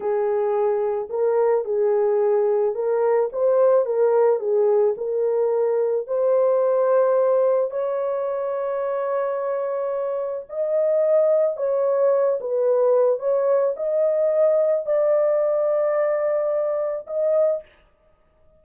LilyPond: \new Staff \with { instrumentName = "horn" } { \time 4/4 \tempo 4 = 109 gis'2 ais'4 gis'4~ | gis'4 ais'4 c''4 ais'4 | gis'4 ais'2 c''4~ | c''2 cis''2~ |
cis''2. dis''4~ | dis''4 cis''4. b'4. | cis''4 dis''2 d''4~ | d''2. dis''4 | }